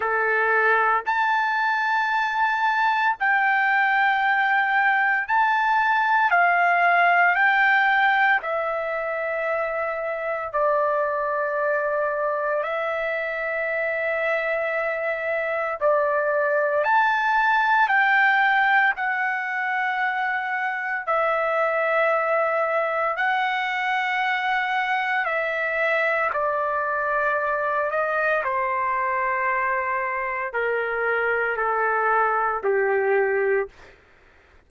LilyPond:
\new Staff \with { instrumentName = "trumpet" } { \time 4/4 \tempo 4 = 57 a'4 a''2 g''4~ | g''4 a''4 f''4 g''4 | e''2 d''2 | e''2. d''4 |
a''4 g''4 fis''2 | e''2 fis''2 | e''4 d''4. dis''8 c''4~ | c''4 ais'4 a'4 g'4 | }